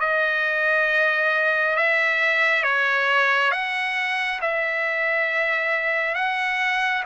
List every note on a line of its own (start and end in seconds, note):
0.00 1.76 D#5
1.76 2.64 E5
2.64 3.51 C#5
3.51 4.40 F#5
4.41 6.15 E5
6.15 7.03 F#5